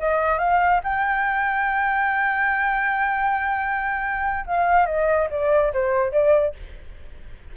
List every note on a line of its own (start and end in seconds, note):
0.00 0.39 D#5
0.39 0.81 F5
0.84 4.46 G5
4.47 4.86 F5
4.86 5.29 D#5
5.31 5.73 D5
5.73 6.13 C5
6.13 6.55 D5